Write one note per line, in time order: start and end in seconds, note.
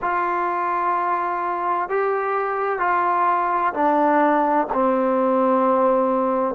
0.01 1.89 F4
1.89 2.79 G4
2.79 3.73 F4
3.73 4.67 D4
4.73 6.55 C4